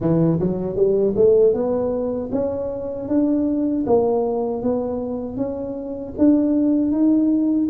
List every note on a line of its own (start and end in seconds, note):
0.00 0.39 E3
0.39 0.76 F#3
0.76 1.14 G3
1.16 1.53 A3
1.53 2.30 B3
2.31 3.08 C#4
3.08 3.85 D4
3.86 4.62 A#3
4.62 5.37 B3
5.37 6.14 C#4
6.18 6.91 D4
6.91 7.68 D#4